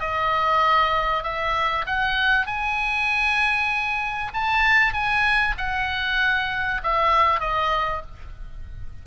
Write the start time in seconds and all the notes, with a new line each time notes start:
0.00 D#5
1.23 E5
1.87 F#5
2.47 G#5
4.34 A5
4.93 G#5
5.58 F#5
6.83 E5
7.40 D#5